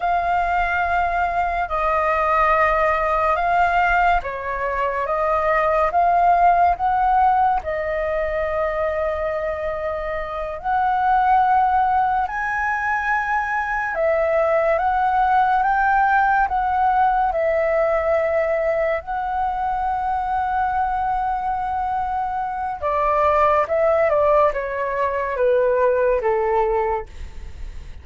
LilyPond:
\new Staff \with { instrumentName = "flute" } { \time 4/4 \tempo 4 = 71 f''2 dis''2 | f''4 cis''4 dis''4 f''4 | fis''4 dis''2.~ | dis''8 fis''2 gis''4.~ |
gis''8 e''4 fis''4 g''4 fis''8~ | fis''8 e''2 fis''4.~ | fis''2. d''4 | e''8 d''8 cis''4 b'4 a'4 | }